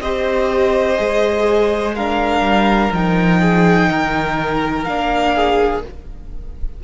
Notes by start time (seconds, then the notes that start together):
0.00 C4 G4 C5 D#5
0.97 G#3 G#4
1.95 D4 A#4 F5
2.40 G3
2.92 F3 D#4 G5
3.40 G#4
3.88 D#3 A#4
4.84 A#3 D4 F5
5.34 G#4